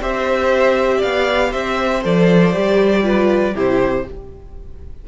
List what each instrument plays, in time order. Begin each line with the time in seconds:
0.00 cello C4, viola G4, violin C5 E5
0.98 cello B3, violin D5 F5
1.51 cello C4, violin C5 E5
2.03 cello F3, viola A4, violin D5
2.53 cello G3, viola G4
3.03 viola F4, violin B4
3.54 cello C3, viola E4, violin G4 C5